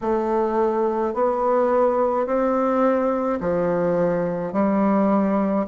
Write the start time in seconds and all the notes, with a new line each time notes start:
0.01 A3
1.13 B3
2.26 C4
3.40 F3
4.52 G3